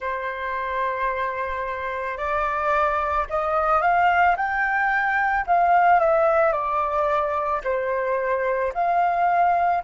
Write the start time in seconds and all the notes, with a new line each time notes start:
0.00 C5
2.17 D5
3.29 D#5
3.81 F5
4.36 G5
5.46 F5
6.00 E5
6.52 D5
7.64 C5
8.74 F5